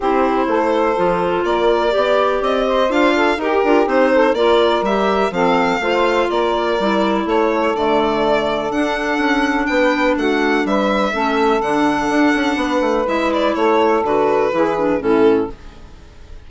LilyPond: <<
  \new Staff \with { instrumentName = "violin" } { \time 4/4 \tempo 4 = 124 c''2. d''4~ | d''4 dis''4 f''4 ais'4 | c''4 d''4 e''4 f''4~ | f''4 d''2 cis''4 |
d''2 fis''2 | g''4 fis''4 e''2 | fis''2. e''8 d''8 | cis''4 b'2 a'4 | }
  \new Staff \with { instrumentName = "saxophone" } { \time 4/4 g'4 a'2 ais'4 | d''4. c''4 a'8 g'4~ | g'8 a'8 ais'2 a'4 | c''4 ais'2 a'4~ |
a'1 | b'4 fis'4 b'4 a'4~ | a'2 b'2 | a'2 gis'4 e'4 | }
  \new Staff \with { instrumentName = "clarinet" } { \time 4/4 e'2 f'2 | g'2 f'4 g'8 f'8 | dis'4 f'4 g'4 c'4 | f'2 e'2 |
a2 d'2~ | d'2. cis'4 | d'2. e'4~ | e'4 fis'4 e'8 d'8 cis'4 | }
  \new Staff \with { instrumentName = "bassoon" } { \time 4/4 c'4 a4 f4 ais4 | b4 c'4 d'4 dis'8 d'8 | c'4 ais4 g4 f4 | a4 ais4 g4 a4 |
d2 d'4 cis'4 | b4 a4 g4 a4 | d4 d'8 cis'8 b8 a8 gis4 | a4 d4 e4 a,4 | }
>>